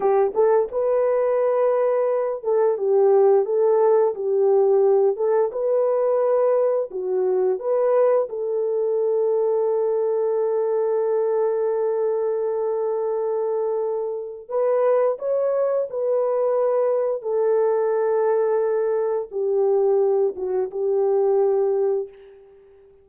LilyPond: \new Staff \with { instrumentName = "horn" } { \time 4/4 \tempo 4 = 87 g'8 a'8 b'2~ b'8 a'8 | g'4 a'4 g'4. a'8 | b'2 fis'4 b'4 | a'1~ |
a'1~ | a'4 b'4 cis''4 b'4~ | b'4 a'2. | g'4. fis'8 g'2 | }